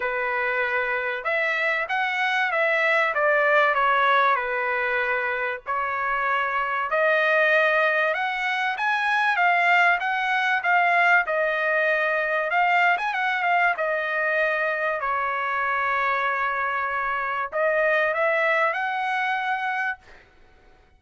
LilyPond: \new Staff \with { instrumentName = "trumpet" } { \time 4/4 \tempo 4 = 96 b'2 e''4 fis''4 | e''4 d''4 cis''4 b'4~ | b'4 cis''2 dis''4~ | dis''4 fis''4 gis''4 f''4 |
fis''4 f''4 dis''2 | f''8. gis''16 fis''8 f''8 dis''2 | cis''1 | dis''4 e''4 fis''2 | }